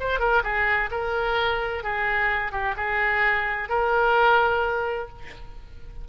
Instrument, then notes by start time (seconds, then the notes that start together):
oboe
0.00 C5
0.20 A#4
0.44 G#4
0.91 A#4
1.84 G#4
2.52 G4
2.77 G#4
3.69 A#4